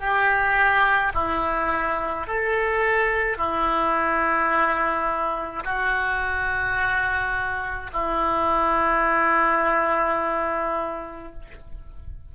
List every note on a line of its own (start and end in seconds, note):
0.00 1.13 G4
1.14 2.27 E4
2.27 3.38 A4
3.38 5.64 E4
5.65 7.91 F#4
7.93 11.33 E4